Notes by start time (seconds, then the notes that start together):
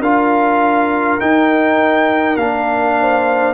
0.00 D4 F4 A#4 F5
1.20 D#4 G5
2.36 A#3 D4 F5
3.00 C5